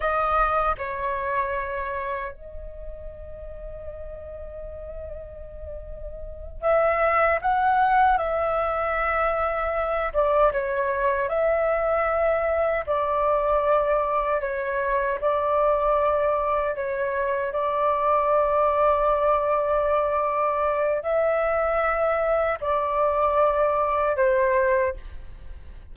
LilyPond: \new Staff \with { instrumentName = "flute" } { \time 4/4 \tempo 4 = 77 dis''4 cis''2 dis''4~ | dis''1~ | dis''8 e''4 fis''4 e''4.~ | e''4 d''8 cis''4 e''4.~ |
e''8 d''2 cis''4 d''8~ | d''4. cis''4 d''4.~ | d''2. e''4~ | e''4 d''2 c''4 | }